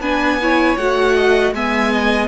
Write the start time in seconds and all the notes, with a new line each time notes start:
0.00 B3 D4 B4 G#5
0.42 E4 C#5
0.77 A3 F#4 F#5
1.15 D#5
1.52 G#3 B3 E5 G#5
1.92 D#5